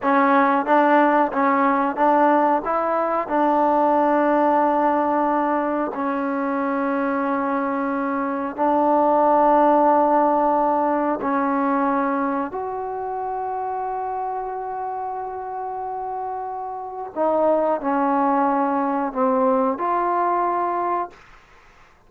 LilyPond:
\new Staff \with { instrumentName = "trombone" } { \time 4/4 \tempo 4 = 91 cis'4 d'4 cis'4 d'4 | e'4 d'2.~ | d'4 cis'2.~ | cis'4 d'2.~ |
d'4 cis'2 fis'4~ | fis'1~ | fis'2 dis'4 cis'4~ | cis'4 c'4 f'2 | }